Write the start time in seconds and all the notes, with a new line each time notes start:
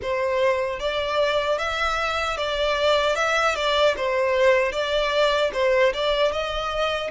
0.01 C5
0.79 D5
1.58 E5
2.37 D5
3.15 E5
3.55 D5
3.97 C5
4.72 D5
5.53 C5
5.93 D5
6.32 D#5